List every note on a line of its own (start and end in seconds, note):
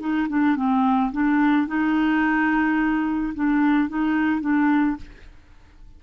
0.00 0.28 D#4
0.29 0.56 D4
0.56 1.12 C4
1.12 1.67 D4
1.67 3.34 D#4
3.34 3.89 D4
3.89 4.41 D#4
4.41 4.96 D4